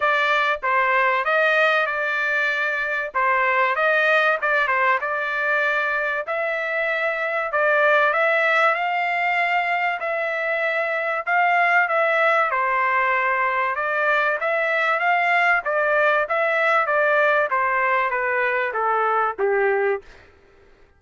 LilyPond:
\new Staff \with { instrumentName = "trumpet" } { \time 4/4 \tempo 4 = 96 d''4 c''4 dis''4 d''4~ | d''4 c''4 dis''4 d''8 c''8 | d''2 e''2 | d''4 e''4 f''2 |
e''2 f''4 e''4 | c''2 d''4 e''4 | f''4 d''4 e''4 d''4 | c''4 b'4 a'4 g'4 | }